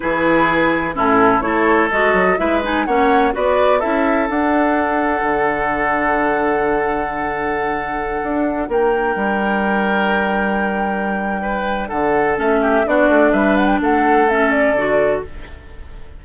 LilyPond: <<
  \new Staff \with { instrumentName = "flute" } { \time 4/4 \tempo 4 = 126 b'2 a'4 cis''4 | dis''4 e''8 gis''8 fis''4 d''4 | e''4 fis''2.~ | fis''1~ |
fis''2~ fis''16 g''4.~ g''16~ | g''1~ | g''4 fis''4 e''4 d''4 | e''8 fis''16 g''16 fis''4 e''8 d''4. | }
  \new Staff \with { instrumentName = "oboe" } { \time 4/4 gis'2 e'4 a'4~ | a'4 b'4 cis''4 b'4 | a'1~ | a'1~ |
a'2~ a'16 ais'4.~ ais'16~ | ais'1 | b'4 a'4. g'8 fis'4 | b'4 a'2. | }
  \new Staff \with { instrumentName = "clarinet" } { \time 4/4 e'2 cis'4 e'4 | fis'4 e'8 dis'8 cis'4 fis'4 | e'4 d'2.~ | d'1~ |
d'1~ | d'1~ | d'2 cis'4 d'4~ | d'2 cis'4 fis'4 | }
  \new Staff \with { instrumentName = "bassoon" } { \time 4/4 e2 a,4 a4 | gis8 fis8 gis4 ais4 b4 | cis'4 d'2 d4~ | d1~ |
d4~ d16 d'4 ais4 g8.~ | g1~ | g4 d4 a4 b8 a8 | g4 a2 d4 | }
>>